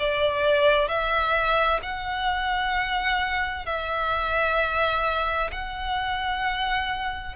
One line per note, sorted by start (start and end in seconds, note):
0.00 0.89 D5
0.89 1.81 E5
1.83 3.67 F#5
3.67 5.51 E5
5.53 7.36 F#5